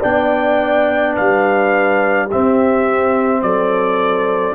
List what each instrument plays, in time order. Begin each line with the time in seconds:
0.00 tuba B3, trombone D4, horn D5, trumpet G5
1.14 tuba G3, horn B4, trumpet F5
2.27 trombone C4, horn G4, trumpet E5
2.33 tuba C4
3.42 tuba F#3, horn A4, trumpet D5